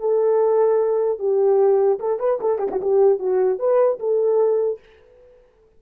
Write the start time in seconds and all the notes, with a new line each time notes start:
0.00 A4
1.19 G4
1.99 A4
2.19 B4
2.41 A4
2.59 G4
2.71 F#4
2.81 G4
3.19 F#4
3.59 B4
4.00 A4